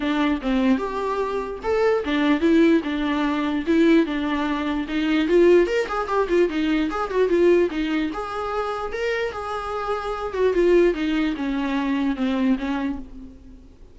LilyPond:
\new Staff \with { instrumentName = "viola" } { \time 4/4 \tempo 4 = 148 d'4 c'4 g'2 | a'4 d'4 e'4 d'4~ | d'4 e'4 d'2 | dis'4 f'4 ais'8 gis'8 g'8 f'8 |
dis'4 gis'8 fis'8 f'4 dis'4 | gis'2 ais'4 gis'4~ | gis'4. fis'8 f'4 dis'4 | cis'2 c'4 cis'4 | }